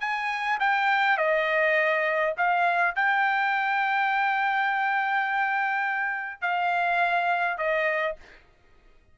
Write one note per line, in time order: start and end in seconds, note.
0.00 0.58 G#5
0.60 1.17 G5
1.17 2.34 D#5
2.37 2.95 F5
2.95 6.41 G5
6.41 7.58 F5
7.58 8.16 D#5